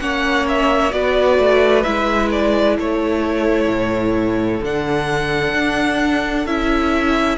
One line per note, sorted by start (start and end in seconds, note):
0.00 0.93 A#3
0.00 0.91 C#4
0.00 0.95 C#5
0.00 0.46 F#5
0.49 0.92 E5
0.91 1.39 B3
0.91 1.83 F#4
0.91 2.77 B4
0.91 1.83 D5
1.39 1.85 A3
1.83 2.79 G#3
1.83 4.62 E4
1.83 2.29 E5
2.32 2.78 D5
2.77 3.68 A3
2.77 7.38 A4
2.77 4.64 C#5
3.68 4.60 A2
4.62 5.54 D3
4.62 6.47 D4
4.62 6.47 F#5
5.54 6.46 D4
6.46 7.38 C#4
6.46 7.38 E4
6.46 7.38 E5